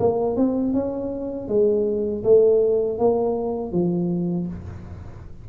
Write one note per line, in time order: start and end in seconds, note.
0.00 0.36 A#3
0.36 0.74 C4
0.74 1.48 C#4
1.48 2.23 G#3
2.24 2.99 A3
2.99 3.72 A#3
3.72 4.47 F3